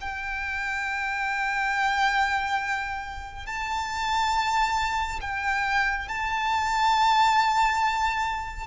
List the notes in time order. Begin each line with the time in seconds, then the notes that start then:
0.00 G5
3.46 A5
5.21 G5
6.08 A5